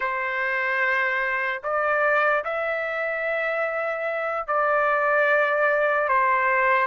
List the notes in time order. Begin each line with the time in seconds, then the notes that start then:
0.00 C5
1.63 D5
2.44 E5
4.47 D5
6.08 C5